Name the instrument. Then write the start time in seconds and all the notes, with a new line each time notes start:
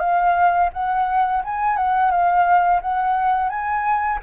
flute
0.00 F5
0.73 F#5
1.44 G#5
1.76 F#5
2.11 F5
2.81 F#5
3.49 G#5